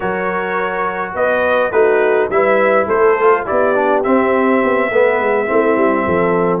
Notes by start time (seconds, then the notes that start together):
0.00 F#3 F#4 A#4 C#5
1.13 B3 B4 D#5
1.71 A3 D#4 F#4 B4
2.29 G3 E4 B4 E5
2.86 A3 A4 C5
3.20 F4
3.45 B3 E4 G4 D5
3.74 D4
4.03 C4 E5
4.64 B3
4.90 A3 B3 B4
5.19 G#3
5.47 A3 C4 E4
5.76 G3
6.04 F3 A4